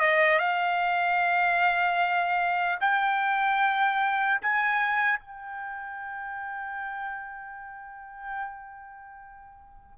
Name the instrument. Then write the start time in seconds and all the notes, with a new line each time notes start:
trumpet
0.00 D#5
0.39 F5
2.81 G5
4.42 G#5
5.20 G5